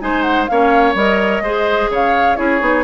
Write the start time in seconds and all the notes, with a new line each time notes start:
0.00 G#3 D#4 C5 G#5
0.21 F#5
0.46 A#3 C#4 C#5 F5
0.94 G3 A#4 D#5
1.40 G#3 G#4 C5
1.89 C#3 C#5 F5
2.36 C#4 E4 G#4 C#5
2.60 B3 D#4